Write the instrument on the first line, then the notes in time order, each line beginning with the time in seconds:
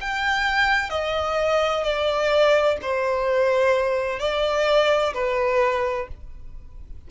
violin
0.00 G5
0.89 D#5
1.83 D5
2.81 C5
4.19 D5
5.13 B4